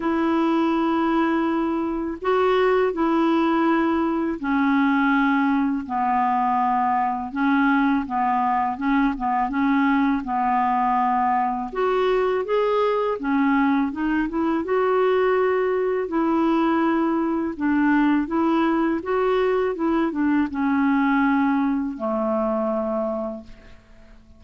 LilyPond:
\new Staff \with { instrumentName = "clarinet" } { \time 4/4 \tempo 4 = 82 e'2. fis'4 | e'2 cis'2 | b2 cis'4 b4 | cis'8 b8 cis'4 b2 |
fis'4 gis'4 cis'4 dis'8 e'8 | fis'2 e'2 | d'4 e'4 fis'4 e'8 d'8 | cis'2 a2 | }